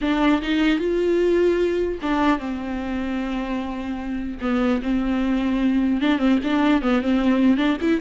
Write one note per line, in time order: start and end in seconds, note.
0.01 0.41 D4
0.42 0.78 D#4
0.78 1.98 F4
2.02 2.39 D4
2.39 4.39 C4
4.41 4.81 B3
4.82 6.01 C4
6.01 6.18 D4
6.18 6.38 C4
6.43 6.82 D4
6.82 7.01 B3
7.01 7.57 C4
7.57 7.77 D4
7.81 8.00 E4